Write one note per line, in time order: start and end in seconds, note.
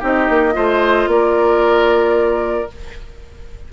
0.00 0.29 C4
0.00 0.53 D#4
0.00 0.54 G4
0.00 1.10 D#5
0.29 0.56 A#3
0.53 1.07 A3
0.53 2.67 F4
0.53 1.09 C5
1.07 2.68 A#3
1.07 2.73 A#4
1.07 2.71 D5